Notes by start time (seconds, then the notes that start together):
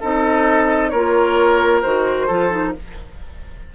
0.00 C4 D#4 A4 D#5
0.89 A#3 F4 A#4 C#5
1.81 D#3 F#4 C5
2.27 F3 F4 A4
2.50 D#4